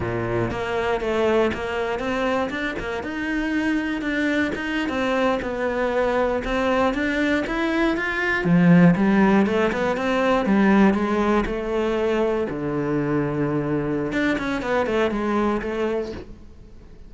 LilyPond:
\new Staff \with { instrumentName = "cello" } { \time 4/4 \tempo 4 = 119 ais,4 ais4 a4 ais4 | c'4 d'8 ais8 dis'2 | d'4 dis'8. c'4 b4~ b16~ | b8. c'4 d'4 e'4 f'16~ |
f'8. f4 g4 a8 b8 c'16~ | c'8. g4 gis4 a4~ a16~ | a8. d2.~ d16 | d'8 cis'8 b8 a8 gis4 a4 | }